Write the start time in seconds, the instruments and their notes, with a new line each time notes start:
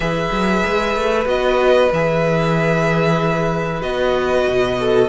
0.00 cello E3, viola G#4, violin B4 E5
0.31 cello F#3
0.66 cello G#3
0.96 cello A3
1.25 cello B3, viola F#4, violin D#5
1.91 cello E3, viola G#4, violin E5
3.81 cello B3, viola F#4, violin D#5
4.47 cello B2
4.79 violin A4